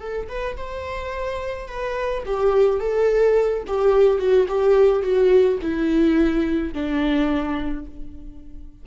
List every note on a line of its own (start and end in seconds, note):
0.00 0.28 A4
0.29 0.57 B4
0.57 1.68 C5
1.68 2.24 B4
2.26 2.80 G4
2.80 3.64 A4
3.68 4.19 G4
4.19 4.47 F#4
4.49 5.03 G4
5.03 5.59 F#4
5.62 6.74 E4
6.74 7.86 D4